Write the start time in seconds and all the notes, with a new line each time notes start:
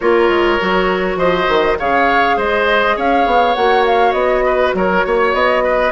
0.00 A#3 F4 A#4 C#5
0.28 G#3
0.59 F#3 F#4
1.16 F3 C5 D#5
1.48 D#3
1.79 C#3 G#4 C#5 F5
2.37 G#3 C5 D#5
2.96 C#4 C#5 F5
3.25 B3
3.54 A#3 F#4 F#5
3.86 F5
4.12 B3 D#5
4.45 B4
4.74 F#3 A#4 C#5
5.05 A#3 C#5
5.33 B3 D#5
5.63 B4